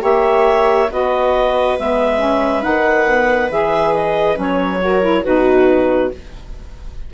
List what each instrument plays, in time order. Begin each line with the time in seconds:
0.00 bassoon A#3, saxophone G4, viola C#5, clarinet E5
0.90 bassoon B3, saxophone F#4, viola B4, clarinet D#5
1.79 bassoon G#3, saxophone B3, clarinet E5
2.19 saxophone C#4
2.62 bassoon D#3, saxophone D#4, clarinet F#5
3.07 saxophone B3
3.51 bassoon E3, saxophone G#4, clarinet E5
3.94 clarinet D#5
4.35 bassoon F#3, saxophone C#4, clarinet C#5
4.82 saxophone F#4, viola A#4
5.02 saxophone E4
5.24 bassoon B2, saxophone D#4, viola F#4, clarinet B4